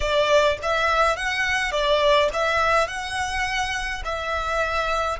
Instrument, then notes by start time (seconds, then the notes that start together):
violin
0.00 D5
0.62 E5
1.16 F#5
1.71 D5
2.33 E5
2.87 F#5
4.05 E5